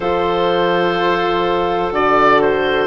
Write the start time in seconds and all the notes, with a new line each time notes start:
0.00 F3 F4 A4 C5
1.91 D3 F#4 D5
2.42 C5